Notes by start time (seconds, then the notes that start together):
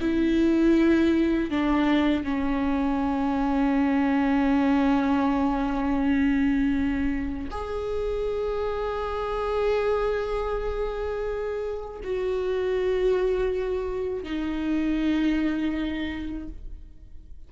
0.00 E4
1.50 D4
2.24 C#4
7.50 G#4
12.03 F#4
14.23 D#4